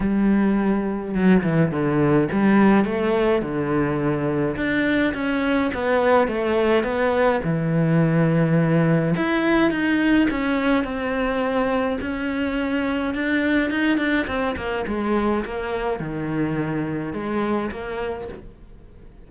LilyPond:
\new Staff \with { instrumentName = "cello" } { \time 4/4 \tempo 4 = 105 g2 fis8 e8 d4 | g4 a4 d2 | d'4 cis'4 b4 a4 | b4 e2. |
e'4 dis'4 cis'4 c'4~ | c'4 cis'2 d'4 | dis'8 d'8 c'8 ais8 gis4 ais4 | dis2 gis4 ais4 | }